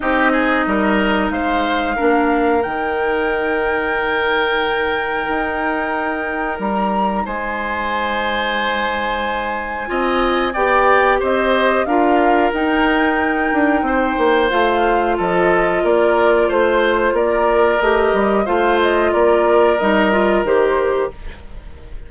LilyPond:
<<
  \new Staff \with { instrumentName = "flute" } { \time 4/4 \tempo 4 = 91 dis''2 f''2 | g''1~ | g''2 ais''4 gis''4~ | gis''1 |
g''4 dis''4 f''4 g''4~ | g''2 f''4 dis''4 | d''4 c''4 d''4 dis''4 | f''8 dis''8 d''4 dis''4 c''4 | }
  \new Staff \with { instrumentName = "oboe" } { \time 4/4 g'8 gis'8 ais'4 c''4 ais'4~ | ais'1~ | ais'2. c''4~ | c''2. dis''4 |
d''4 c''4 ais'2~ | ais'4 c''2 a'4 | ais'4 c''4 ais'2 | c''4 ais'2. | }
  \new Staff \with { instrumentName = "clarinet" } { \time 4/4 dis'2. d'4 | dis'1~ | dis'1~ | dis'2. f'4 |
g'2 f'4 dis'4~ | dis'2 f'2~ | f'2. g'4 | f'2 dis'8 f'8 g'4 | }
  \new Staff \with { instrumentName = "bassoon" } { \time 4/4 c'4 g4 gis4 ais4 | dis1 | dis'2 g4 gis4~ | gis2. c'4 |
b4 c'4 d'4 dis'4~ | dis'8 d'8 c'8 ais8 a4 f4 | ais4 a4 ais4 a8 g8 | a4 ais4 g4 dis4 | }
>>